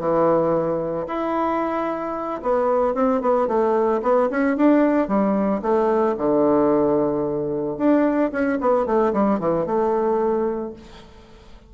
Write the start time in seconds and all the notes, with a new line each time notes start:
0.00 E3
1.07 E4
2.43 B3
2.94 C4
3.21 B3
3.48 A3
4.03 B3
4.31 C#4
4.57 D4
5.08 G3
5.62 A3
6.18 D3
7.78 D4
8.32 C#4
8.61 B3
8.86 A3
9.13 G3
9.40 E3
9.66 A3